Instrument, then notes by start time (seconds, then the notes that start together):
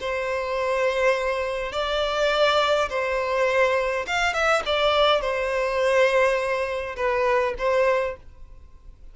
violin
0.00 C5
1.72 D5
2.89 C5
4.07 F5
4.33 E5
4.65 D5
5.21 C5
6.96 B4
7.58 C5